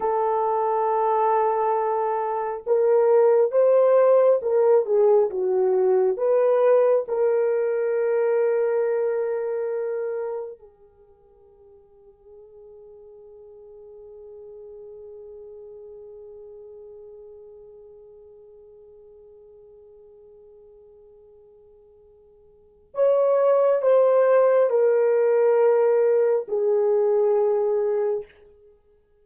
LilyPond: \new Staff \with { instrumentName = "horn" } { \time 4/4 \tempo 4 = 68 a'2. ais'4 | c''4 ais'8 gis'8 fis'4 b'4 | ais'1 | gis'1~ |
gis'1~ | gis'1~ | gis'2 cis''4 c''4 | ais'2 gis'2 | }